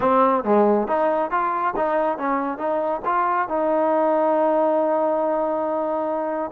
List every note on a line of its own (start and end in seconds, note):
0.00 0.43 C4
0.44 0.87 G#3
0.87 1.30 D#4
1.30 1.74 F4
1.76 2.18 D#4
2.18 2.58 C#4
2.58 3.01 D#4
3.05 3.48 F4
3.48 6.51 D#4